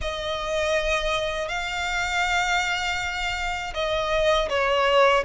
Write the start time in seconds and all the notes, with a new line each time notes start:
0.01 D#5
1.48 F5
3.74 D#5
4.49 C#5